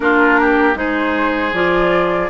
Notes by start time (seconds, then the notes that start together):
0.00 A#3 D4 F4 A#4
0.40 G4
0.74 G#3 D#4 G#4 C5
1.53 F3 F4 D5